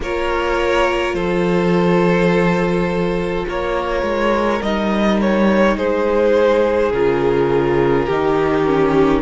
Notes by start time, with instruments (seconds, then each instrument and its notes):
0.00 cello A#3, viola F4, violin A#4 C#5
1.14 cello F3, violin A4 C5
3.48 cello A#3, violin A#4 C#5
4.02 cello G#3
4.61 cello G3, viola D#4, violin D#5
5.20 violin C#5
5.76 cello G#3, violin G#4 C5
6.92 cello C#3, viola F4, violin A#4
8.06 cello D#3, viola D#4, violin G4
8.66 viola C#4